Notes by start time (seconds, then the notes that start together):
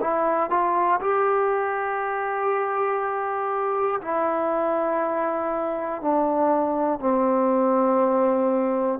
0.00 E4
0.50 F4
1.00 G4
4.01 E4
6.01 D4
6.99 C4